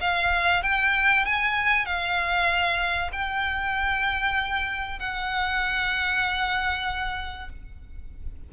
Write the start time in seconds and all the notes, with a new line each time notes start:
0.00 F5
0.62 G5
1.25 G#5
1.85 F5
3.12 G5
4.99 F#5